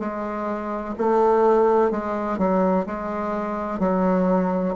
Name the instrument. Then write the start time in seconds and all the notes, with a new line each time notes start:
bassoon
0.00 G#3
0.98 A3
1.91 G#3
2.39 F#3
2.87 G#3
3.80 F#3